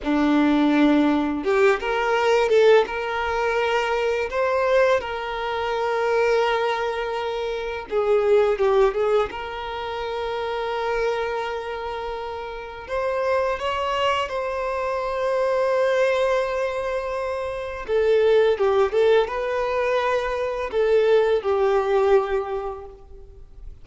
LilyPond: \new Staff \with { instrumentName = "violin" } { \time 4/4 \tempo 4 = 84 d'2 g'8 ais'4 a'8 | ais'2 c''4 ais'4~ | ais'2. gis'4 | g'8 gis'8 ais'2.~ |
ais'2 c''4 cis''4 | c''1~ | c''4 a'4 g'8 a'8 b'4~ | b'4 a'4 g'2 | }